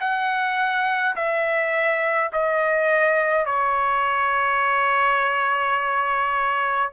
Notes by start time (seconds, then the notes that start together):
0.00 F#5
1.15 E5
2.32 D#5
3.46 C#5